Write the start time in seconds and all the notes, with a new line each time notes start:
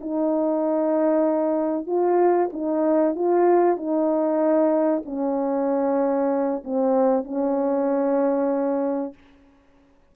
0.00 D#4
1.86 F4
2.52 D#4
3.15 F4
3.76 D#4
5.05 C#4
6.64 C4
7.24 C#4